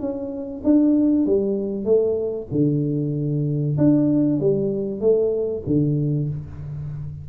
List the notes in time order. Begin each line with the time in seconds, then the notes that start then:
0.00 C#4
0.64 D4
1.26 G3
1.85 A3
2.52 D3
3.78 D4
4.40 G3
5.01 A3
5.67 D3